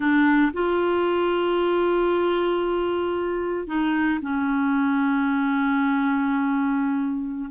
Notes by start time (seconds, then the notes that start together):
0.00 D4
0.53 F4
3.67 D#4
4.21 C#4